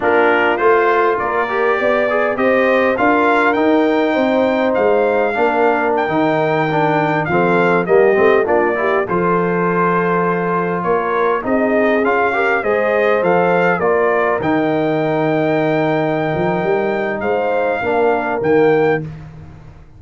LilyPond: <<
  \new Staff \with { instrumentName = "trumpet" } { \time 4/4 \tempo 4 = 101 ais'4 c''4 d''2 | dis''4 f''4 g''2 | f''2 g''2~ | g''16 f''4 dis''4 d''4 c''8.~ |
c''2~ c''16 cis''4 dis''8.~ | dis''16 f''4 dis''4 f''4 d''8.~ | d''16 g''2.~ g''8.~ | g''4 f''2 g''4 | }
  \new Staff \with { instrumentName = "horn" } { \time 4/4 f'2 ais'4 d''4 | c''4 ais'2 c''4~ | c''4 ais'2.~ | ais'16 a'4 g'4 f'8 g'8 a'8.~ |
a'2~ a'16 ais'4 gis'8.~ | gis'8. ais'8 c''2 ais'8.~ | ais'1~ | ais'4 c''4 ais'2 | }
  \new Staff \with { instrumentName = "trombone" } { \time 4/4 d'4 f'4. g'4 gis'8 | g'4 f'4 dis'2~ | dis'4 d'4~ d'16 dis'4 d'8.~ | d'16 c'4 ais8 c'8 d'8 e'8 f'8.~ |
f'2.~ f'16 dis'8.~ | dis'16 f'8 g'8 gis'4 a'4 f'8.~ | f'16 dis'2.~ dis'8.~ | dis'2 d'4 ais4 | }
  \new Staff \with { instrumentName = "tuba" } { \time 4/4 ais4 a4 ais4 b4 | c'4 d'4 dis'4 c'4 | gis4 ais4~ ais16 dis4.~ dis16~ | dis16 f4 g8 a8 ais4 f8.~ |
f2~ f16 ais4 c'8.~ | c'16 cis'4 gis4 f4 ais8.~ | ais16 dis2.~ dis16 f8 | g4 gis4 ais4 dis4 | }
>>